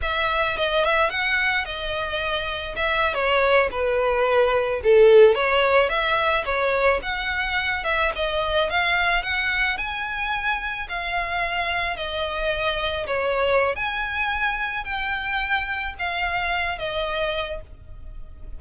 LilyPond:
\new Staff \with { instrumentName = "violin" } { \time 4/4 \tempo 4 = 109 e''4 dis''8 e''8 fis''4 dis''4~ | dis''4 e''8. cis''4 b'4~ b'16~ | b'8. a'4 cis''4 e''4 cis''16~ | cis''8. fis''4. e''8 dis''4 f''16~ |
f''8. fis''4 gis''2 f''16~ | f''4.~ f''16 dis''2 cis''16~ | cis''4 gis''2 g''4~ | g''4 f''4. dis''4. | }